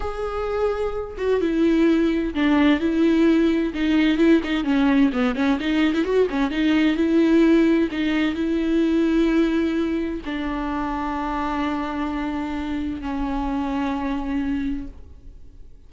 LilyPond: \new Staff \with { instrumentName = "viola" } { \time 4/4 \tempo 4 = 129 gis'2~ gis'8 fis'8 e'4~ | e'4 d'4 e'2 | dis'4 e'8 dis'8 cis'4 b8 cis'8 | dis'8. e'16 fis'8 cis'8 dis'4 e'4~ |
e'4 dis'4 e'2~ | e'2 d'2~ | d'1 | cis'1 | }